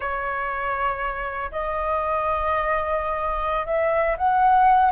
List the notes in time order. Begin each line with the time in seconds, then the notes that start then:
0.00 C#5
1.51 D#5
3.66 E5
4.17 F#5